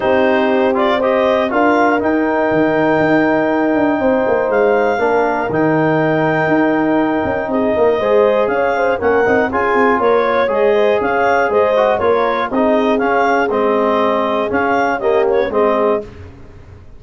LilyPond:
<<
  \new Staff \with { instrumentName = "clarinet" } { \time 4/4 \tempo 4 = 120 c''4. d''8 dis''4 f''4 | g''1~ | g''4 f''2 g''4~ | g''2. dis''4~ |
dis''4 f''4 fis''4 gis''4 | cis''4 dis''4 f''4 dis''4 | cis''4 dis''4 f''4 dis''4~ | dis''4 f''4 dis''8 cis''8 dis''4 | }
  \new Staff \with { instrumentName = "horn" } { \time 4/4 g'2 c''4 ais'4~ | ais'1 | c''2 ais'2~ | ais'2. gis'8 ais'8 |
c''4 cis''8 c''8 ais'4 gis'4 | ais'8 cis''4 c''8 cis''4 c''4 | ais'4 gis'2.~ | gis'2 g'4 gis'4 | }
  \new Staff \with { instrumentName = "trombone" } { \time 4/4 dis'4. f'8 g'4 f'4 | dis'1~ | dis'2 d'4 dis'4~ | dis'1 |
gis'2 cis'8 dis'8 f'4~ | f'4 gis'2~ gis'8 fis'8 | f'4 dis'4 cis'4 c'4~ | c'4 cis'4 ais4 c'4 | }
  \new Staff \with { instrumentName = "tuba" } { \time 4/4 c'2. d'4 | dis'4 dis4 dis'4. d'8 | c'8 ais8 gis4 ais4 dis4~ | dis4 dis'4. cis'8 c'8 ais8 |
gis4 cis'4 ais8 c'8 cis'8 c'8 | ais4 gis4 cis'4 gis4 | ais4 c'4 cis'4 gis4~ | gis4 cis'2 gis4 | }
>>